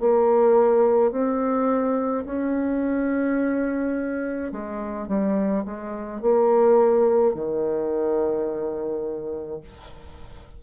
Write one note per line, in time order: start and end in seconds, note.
0.00 1.12 A#3
1.12 2.25 C4
2.26 4.52 C#4
4.52 5.08 G#3
5.08 5.64 G3
5.66 6.22 G#3
6.22 7.34 A#3
7.34 9.61 D#3